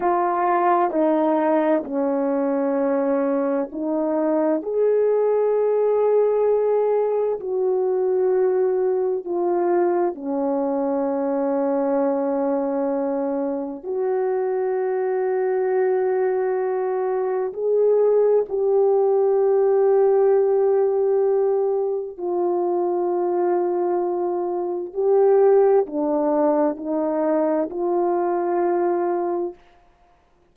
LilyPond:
\new Staff \with { instrumentName = "horn" } { \time 4/4 \tempo 4 = 65 f'4 dis'4 cis'2 | dis'4 gis'2. | fis'2 f'4 cis'4~ | cis'2. fis'4~ |
fis'2. gis'4 | g'1 | f'2. g'4 | d'4 dis'4 f'2 | }